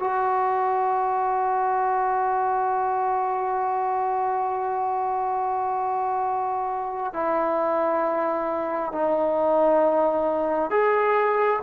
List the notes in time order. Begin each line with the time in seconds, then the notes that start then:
0.00 F#4
7.14 E4
8.93 D#4
10.71 G#4